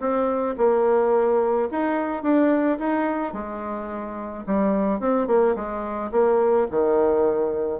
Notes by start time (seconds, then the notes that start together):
0.00 C4
0.58 A#3
1.71 D#4
2.23 D4
2.79 D#4
3.33 G#3
4.47 G3
5.00 C4
5.27 A#3
5.56 G#3
6.12 A#3
6.71 D#3